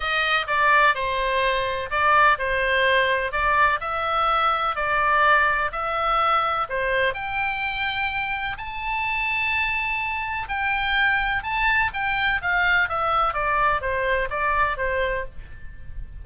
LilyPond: \new Staff \with { instrumentName = "oboe" } { \time 4/4 \tempo 4 = 126 dis''4 d''4 c''2 | d''4 c''2 d''4 | e''2 d''2 | e''2 c''4 g''4~ |
g''2 a''2~ | a''2 g''2 | a''4 g''4 f''4 e''4 | d''4 c''4 d''4 c''4 | }